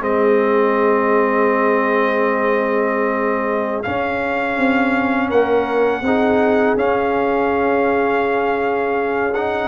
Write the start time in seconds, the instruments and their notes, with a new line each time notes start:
0.00 tuba G#3, trombone C4, horn G#4, trumpet D#5
3.83 trombone C#4, tuba C#4, trumpet F5
4.58 tuba C4
5.29 tuba A#3, horn A#4, trumpet F#5
6.01 tuba C4, trombone D#4, horn G#4
6.76 tuba C#4, trombone C#4, trumpet F5
9.34 trombone D#4, trumpet F#5